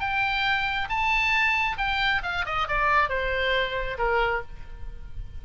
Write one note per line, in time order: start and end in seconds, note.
0.00 0.88 G5
0.89 1.77 A5
1.78 2.22 G5
2.23 2.45 F5
2.46 2.68 D#5
2.68 3.09 D5
3.09 3.98 C5
3.98 4.42 A#4